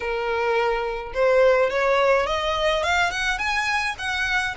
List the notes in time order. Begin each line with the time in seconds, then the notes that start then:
0.00 A#4
1.14 C5
1.70 C#5
2.26 D#5
2.83 F5
3.10 F#5
3.38 G#5
3.98 F#5